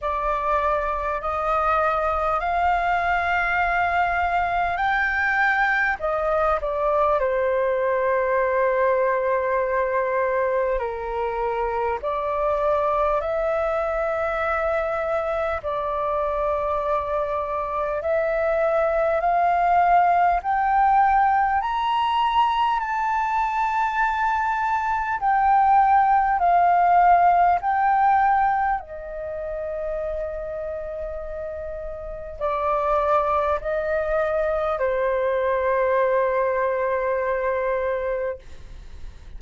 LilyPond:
\new Staff \with { instrumentName = "flute" } { \time 4/4 \tempo 4 = 50 d''4 dis''4 f''2 | g''4 dis''8 d''8 c''2~ | c''4 ais'4 d''4 e''4~ | e''4 d''2 e''4 |
f''4 g''4 ais''4 a''4~ | a''4 g''4 f''4 g''4 | dis''2. d''4 | dis''4 c''2. | }